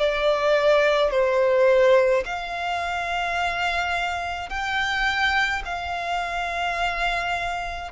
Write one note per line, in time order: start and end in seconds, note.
0.00 1.11 D5
1.11 2.24 C5
2.26 4.50 F5
4.50 5.63 G5
5.66 7.92 F5